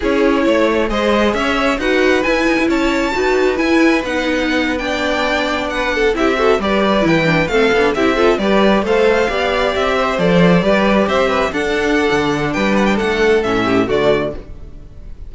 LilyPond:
<<
  \new Staff \with { instrumentName = "violin" } { \time 4/4 \tempo 4 = 134 cis''2 dis''4 e''4 | fis''4 gis''4 a''2 | gis''4 fis''4.~ fis''16 g''4~ g''16~ | g''8. fis''4 e''4 d''4 g''16~ |
g''8. f''4 e''4 d''4 f''16~ | f''4.~ f''16 e''4 d''4~ d''16~ | d''8. e''4 fis''2~ fis''16 | g''8 fis''16 g''16 fis''4 e''4 d''4 | }
  \new Staff \with { instrumentName = "violin" } { \time 4/4 gis'4 cis''4 c''4 cis''4 | b'2 cis''4 b'4~ | b'2~ b'8. d''4~ d''16~ | d''8. b'8 a'8 g'8 a'8 b'4~ b'16~ |
b'8. a'4 g'8 a'8 b'4 c''16~ | c''8. d''4. c''4. b'16~ | b'8. c''8 b'8 a'2~ a'16 | b'4 a'4. g'8 fis'4 | }
  \new Staff \with { instrumentName = "viola" } { \time 4/4 e'2 gis'2 | fis'4 e'2 fis'4 | e'4 dis'4.~ dis'16 d'4~ d'16~ | d'4.~ d'16 e'8 fis'8 g'4 e'16~ |
e'16 d'8 c'8 d'8 e'8 f'8 g'4 a'16~ | a'8. g'2 a'4 g'16~ | g'4.~ g'16 d'2~ d'16~ | d'2 cis'4 a4 | }
  \new Staff \with { instrumentName = "cello" } { \time 4/4 cis'4 a4 gis4 cis'4 | dis'4 e'8 dis'16 e'16 cis'4 dis'4 | e'4 b2.~ | b4.~ b16 c'4 g4 e16~ |
e8. a8 b8 c'4 g4 a16~ | a8. b4 c'4 f4 g16~ | g8. c'4 d'4~ d'16 d4 | g4 a4 a,4 d4 | }
>>